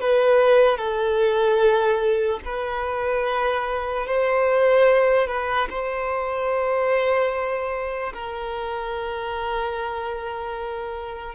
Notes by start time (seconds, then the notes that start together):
0.00 B4
0.77 A4
2.45 B4
4.06 C5
5.27 B4
5.69 C5
8.13 A#4